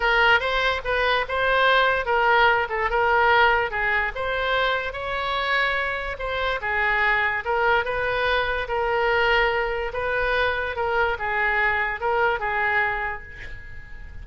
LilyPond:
\new Staff \with { instrumentName = "oboe" } { \time 4/4 \tempo 4 = 145 ais'4 c''4 b'4 c''4~ | c''4 ais'4. a'8 ais'4~ | ais'4 gis'4 c''2 | cis''2. c''4 |
gis'2 ais'4 b'4~ | b'4 ais'2. | b'2 ais'4 gis'4~ | gis'4 ais'4 gis'2 | }